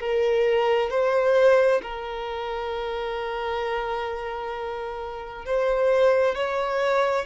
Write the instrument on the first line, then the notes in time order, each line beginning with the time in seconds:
violin
0.00 A#4
0.90 C5
1.82 A#4
5.45 C5
6.35 C#5